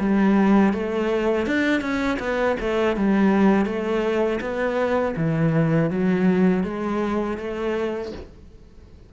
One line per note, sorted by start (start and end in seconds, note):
0.00 0.74 G3
0.74 1.46 A3
1.46 1.81 D4
1.81 2.19 C#4
2.20 2.57 B3
2.60 2.97 A3
2.97 3.66 G3
3.66 4.40 A3
4.41 5.15 B3
5.17 5.91 E3
5.91 6.64 F#3
6.64 7.38 G#3
7.38 8.12 A3